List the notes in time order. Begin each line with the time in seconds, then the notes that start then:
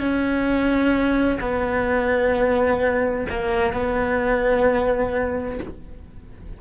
0.00 C#4
1.41 B3
3.30 A#3
3.74 B3